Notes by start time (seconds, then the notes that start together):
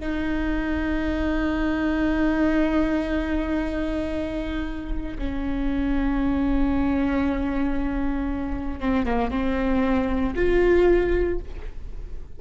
0.00 D#4
5.18 C#4
8.80 C4
9.05 A#3
9.30 C4
10.35 F4